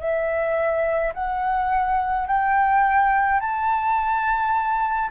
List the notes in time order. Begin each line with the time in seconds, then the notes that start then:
0.00 E5
1.14 F#5
2.27 G5
3.41 A5